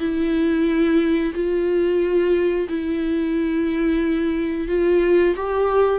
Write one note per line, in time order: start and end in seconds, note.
0.00 1.33 E4
1.35 2.68 F4
2.69 4.68 E4
4.68 5.35 F4
5.36 6.00 G4